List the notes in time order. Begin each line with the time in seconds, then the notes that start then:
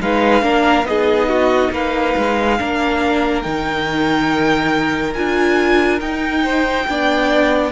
0.00 G#3 D#4 B4 F5
0.41 A#3 D4 A#4
0.83 B3 D#4 D#5
0.89 G#4
1.29 F#4
1.71 A#3 B4 F5
2.17 G#3
2.57 A#3 D4 A#4
3.42 D#3 D#4 G5
5.14 D4 F4 G#5
6.00 D#4 G5
6.43 C5
6.88 B3 D4 D5